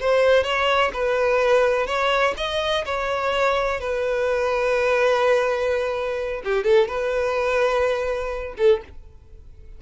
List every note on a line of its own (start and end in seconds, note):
0.00 0.43 C5
0.43 0.91 C#5
0.93 1.87 B4
1.87 2.34 C#5
2.37 2.84 D#5
2.85 3.80 C#5
3.80 6.42 B4
6.44 6.64 G4
6.64 6.87 A4
6.88 8.54 B4
8.57 8.81 A4